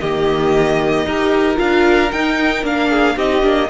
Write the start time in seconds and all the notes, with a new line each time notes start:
0.00 D#3 A#3 G4 D#5
1.05 D#4 G4 A#4
1.56 D4 F4 F5
2.11 D#4 G5
2.63 A#3 D4 F5
2.90 G#4
3.16 C4 D#4 G4 D#5
3.42 A#3 D4